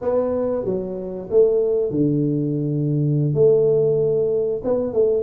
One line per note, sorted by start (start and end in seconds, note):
0.01 0.64 B3
0.64 1.28 F#3
1.30 1.90 A3
1.90 3.34 D3
3.34 4.61 A3
4.64 4.93 B3
4.93 5.23 A3